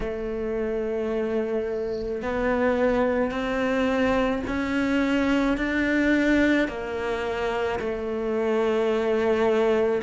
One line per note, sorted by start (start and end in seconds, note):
0.00 2.22 A3
2.22 3.31 B3
3.31 4.42 C4
4.47 5.57 C#4
5.57 6.68 D4
6.68 7.79 A#3
7.79 10.02 A3